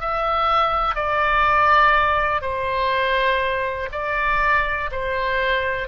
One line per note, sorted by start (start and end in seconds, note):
0.00 0.95 E5
0.95 2.41 D5
2.41 3.89 C5
3.92 4.90 D5
4.91 5.88 C5